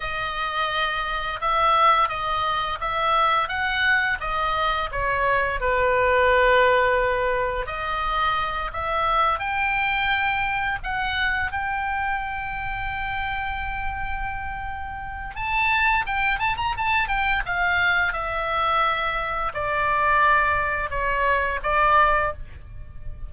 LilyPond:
\new Staff \with { instrumentName = "oboe" } { \time 4/4 \tempo 4 = 86 dis''2 e''4 dis''4 | e''4 fis''4 dis''4 cis''4 | b'2. dis''4~ | dis''8 e''4 g''2 fis''8~ |
fis''8 g''2.~ g''8~ | g''2 a''4 g''8 a''16 ais''16 | a''8 g''8 f''4 e''2 | d''2 cis''4 d''4 | }